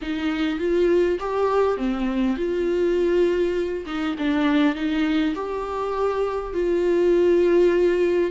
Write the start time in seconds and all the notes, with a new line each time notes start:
0.01 D#4
0.59 F4
1.19 G4
1.77 C4
2.36 F4
3.86 D#4
4.18 D4
4.75 D#4
5.35 G4
6.53 F4